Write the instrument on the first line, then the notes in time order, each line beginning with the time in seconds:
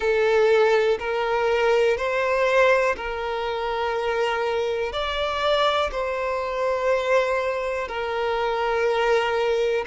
violin
0.00 A4
0.99 A#4
1.97 C5
2.96 A#4
4.92 D5
5.91 C5
7.87 A#4